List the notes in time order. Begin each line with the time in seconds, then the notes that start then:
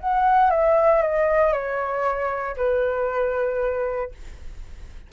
0.00 F#5
0.50 E5
1.02 D#5
1.53 C#5
2.56 B4